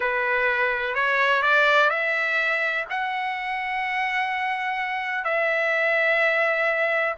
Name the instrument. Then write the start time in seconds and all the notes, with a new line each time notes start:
trumpet
0.00 B4
0.95 C#5
1.42 D5
1.89 E5
2.89 F#5
5.24 E5